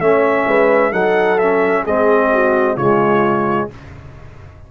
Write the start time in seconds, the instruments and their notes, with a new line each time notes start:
0.00 tuba A3, trombone C#4, horn C#5, trumpet E5
0.47 tuba G#3, horn B4
0.92 tuba F#3, trombone D#4, horn A4, trumpet F#5
1.39 trombone C#4, trumpet E5
1.84 tuba G#3, trombone C4, horn G#4, trumpet D#5
2.33 horn F#4
2.77 tuba C#3, trombone G#3, horn F4, trumpet C#5